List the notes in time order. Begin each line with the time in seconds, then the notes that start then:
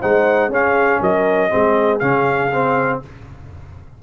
0.00 G#3 D#4 C5 F#5
0.49 C#4 G#4 F5
1.00 F#3 A#4 D#5
1.50 G#3 C4 G#4
1.99 C#3 C#4 F5
2.52 C4